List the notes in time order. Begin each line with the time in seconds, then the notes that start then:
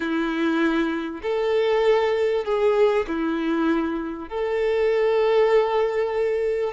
0.00 E4
1.22 A4
2.44 G#4
3.07 E4
4.28 A4